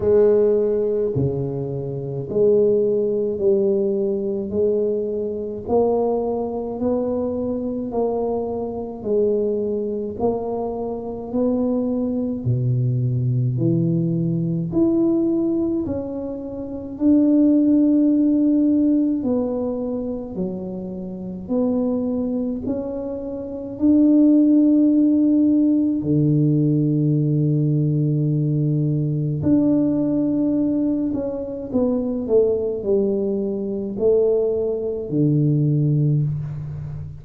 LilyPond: \new Staff \with { instrumentName = "tuba" } { \time 4/4 \tempo 4 = 53 gis4 cis4 gis4 g4 | gis4 ais4 b4 ais4 | gis4 ais4 b4 b,4 | e4 e'4 cis'4 d'4~ |
d'4 b4 fis4 b4 | cis'4 d'2 d4~ | d2 d'4. cis'8 | b8 a8 g4 a4 d4 | }